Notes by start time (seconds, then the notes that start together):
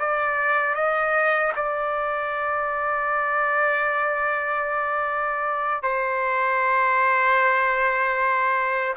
0.00 D5
0.75 D#5
1.57 D5
5.83 C5